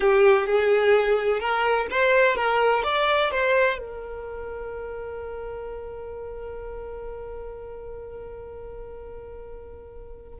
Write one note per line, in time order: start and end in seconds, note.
0.00 0.46 G4
0.46 1.40 G#4
1.40 1.87 A#4
1.90 2.35 C5
2.35 2.82 A#4
2.83 3.30 D5
3.31 3.78 C5
3.78 10.39 A#4